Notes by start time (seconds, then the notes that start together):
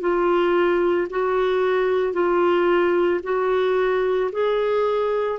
0.00 F4
1.10 F#4
2.13 F4
3.23 F#4
4.32 G#4